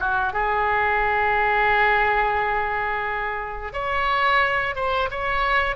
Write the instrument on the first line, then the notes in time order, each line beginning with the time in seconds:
oboe
0.00 F#4
0.33 G#4
3.73 C#5
4.75 C5
5.11 C#5